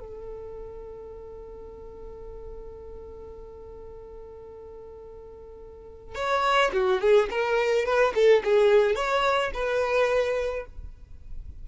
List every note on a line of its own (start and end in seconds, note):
0.00 6.16 A4
6.16 6.72 C#5
6.73 7.01 F#4
7.01 7.29 G#4
7.31 7.86 A#4
7.86 8.14 B4
8.15 8.43 A4
8.45 8.96 G#4
8.96 9.52 C#5
9.54 10.66 B4